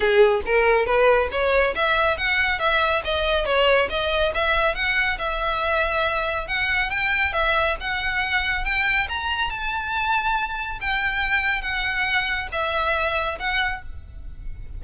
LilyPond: \new Staff \with { instrumentName = "violin" } { \time 4/4 \tempo 4 = 139 gis'4 ais'4 b'4 cis''4 | e''4 fis''4 e''4 dis''4 | cis''4 dis''4 e''4 fis''4 | e''2. fis''4 |
g''4 e''4 fis''2 | g''4 ais''4 a''2~ | a''4 g''2 fis''4~ | fis''4 e''2 fis''4 | }